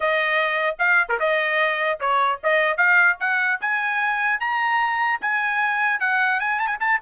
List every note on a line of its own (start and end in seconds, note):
0.00 0.76 D#5
0.78 1.08 F5
1.09 1.19 A#4
1.19 1.99 D#5
2.00 2.40 C#5
2.43 2.77 D#5
2.77 3.17 F5
3.20 3.60 F#5
3.60 4.40 G#5
4.40 5.20 A#5
5.21 5.99 G#5
5.99 6.39 F#5
6.39 6.59 G#5
6.59 6.67 A5
6.67 6.77 G#5
6.80 7.00 A5